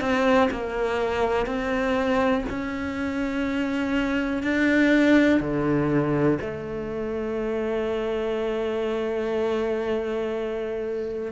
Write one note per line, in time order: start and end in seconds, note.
0.00 0.49 C4
0.51 1.45 A#3
1.45 2.44 C4
2.49 4.42 C#4
4.42 5.40 D4
5.40 6.38 D3
6.41 11.32 A3